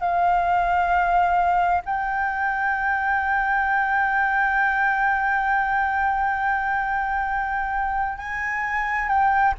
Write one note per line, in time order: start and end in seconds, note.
0.00 1.82 F5
1.85 8.18 G5
8.18 9.09 G#5
9.09 9.54 G5